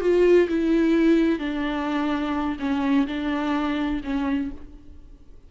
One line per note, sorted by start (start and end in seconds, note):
0.00 0.47 F4
0.48 1.39 E4
1.39 2.57 D4
2.59 3.06 C#4
3.07 4.01 D4
4.03 4.51 C#4